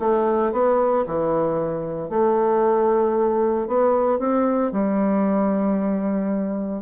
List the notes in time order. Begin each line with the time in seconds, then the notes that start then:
0.00 A3
0.52 B3
1.06 E3
2.09 A3
3.67 B3
4.19 C4
4.72 G3